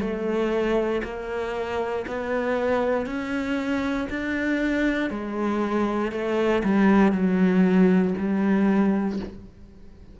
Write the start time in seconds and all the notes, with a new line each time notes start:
0.00 A3
1.04 A#3
2.08 B3
3.06 C#4
4.10 D4
5.10 G#3
6.12 A3
6.64 G3
7.12 F#3
8.18 G3